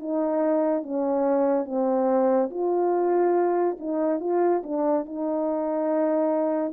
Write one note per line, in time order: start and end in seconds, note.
0.00 0.83 D#4
0.83 1.66 C#4
1.66 2.50 C4
2.51 3.78 F4
3.80 4.21 D#4
4.21 4.63 F4
4.64 5.06 D4
5.06 6.74 D#4